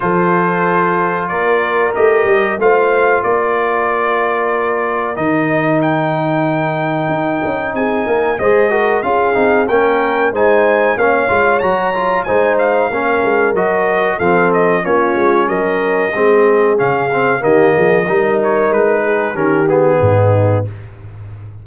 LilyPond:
<<
  \new Staff \with { instrumentName = "trumpet" } { \time 4/4 \tempo 4 = 93 c''2 d''4 dis''4 | f''4 d''2. | dis''4 g''2. | gis''4 dis''4 f''4 g''4 |
gis''4 f''4 ais''4 gis''8 f''8~ | f''4 dis''4 f''8 dis''8 cis''4 | dis''2 f''4 dis''4~ | dis''8 cis''8 b'4 ais'8 gis'4. | }
  \new Staff \with { instrumentName = "horn" } { \time 4/4 a'2 ais'2 | c''4 ais'2.~ | ais'1 | gis'8 ais'8 c''8 ais'8 gis'4 ais'4 |
c''4 cis''2 c''4 | ais'2 a'4 f'4 | ais'4 gis'2 g'8 gis'8 | ais'4. gis'8 g'4 dis'4 | }
  \new Staff \with { instrumentName = "trombone" } { \time 4/4 f'2. g'4 | f'1 | dis'1~ | dis'4 gis'8 fis'8 f'8 dis'8 cis'4 |
dis'4 cis'8 f'8 fis'8 f'8 dis'4 | cis'4 fis'4 c'4 cis'4~ | cis'4 c'4 cis'8 c'8 ais4 | dis'2 cis'8 b4. | }
  \new Staff \with { instrumentName = "tuba" } { \time 4/4 f2 ais4 a8 g8 | a4 ais2. | dis2. dis'8 cis'8 | c'8 ais8 gis4 cis'8 c'8 ais4 |
gis4 ais8 gis8 fis4 gis4 | ais8 gis8 fis4 f4 ais8 gis8 | fis4 gis4 cis4 dis8 f8 | g4 gis4 dis4 gis,4 | }
>>